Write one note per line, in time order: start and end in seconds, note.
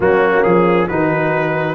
0.00 0.40 F#3
0.00 0.88 A#3
0.00 0.88 C#4
0.00 0.43 F#4
0.43 0.89 F3
0.43 0.87 G#4
0.88 1.74 D#3
0.88 1.74 D#4
0.88 1.74 F#4
0.88 1.74 B4